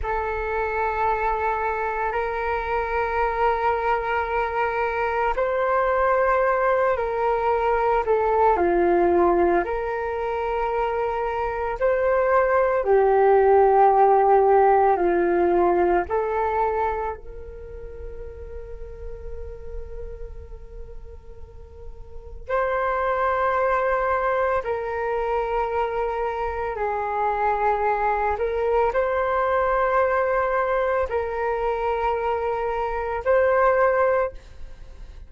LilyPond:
\new Staff \with { instrumentName = "flute" } { \time 4/4 \tempo 4 = 56 a'2 ais'2~ | ais'4 c''4. ais'4 a'8 | f'4 ais'2 c''4 | g'2 f'4 a'4 |
ais'1~ | ais'4 c''2 ais'4~ | ais'4 gis'4. ais'8 c''4~ | c''4 ais'2 c''4 | }